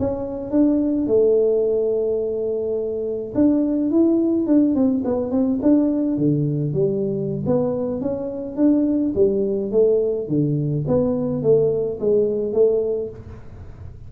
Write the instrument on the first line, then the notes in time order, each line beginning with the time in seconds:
tuba
0.00 C#4
0.51 D4
1.08 A3
3.35 D4
3.91 E4
4.47 D4
4.75 C4
5.05 B3
5.32 C4
5.63 D4
6.18 D3
6.74 G3
7.47 B3
8.01 C#4
8.57 D4
9.15 G3
9.72 A3
10.28 D3
10.88 B3
11.43 A3
12.00 G#3
12.53 A3